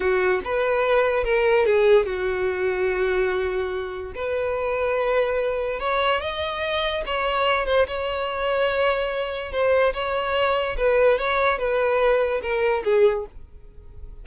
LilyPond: \new Staff \with { instrumentName = "violin" } { \time 4/4 \tempo 4 = 145 fis'4 b'2 ais'4 | gis'4 fis'2.~ | fis'2 b'2~ | b'2 cis''4 dis''4~ |
dis''4 cis''4. c''8 cis''4~ | cis''2. c''4 | cis''2 b'4 cis''4 | b'2 ais'4 gis'4 | }